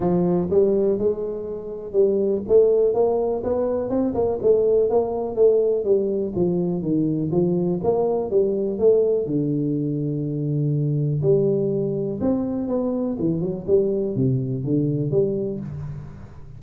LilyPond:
\new Staff \with { instrumentName = "tuba" } { \time 4/4 \tempo 4 = 123 f4 g4 gis2 | g4 a4 ais4 b4 | c'8 ais8 a4 ais4 a4 | g4 f4 dis4 f4 |
ais4 g4 a4 d4~ | d2. g4~ | g4 c'4 b4 e8 fis8 | g4 c4 d4 g4 | }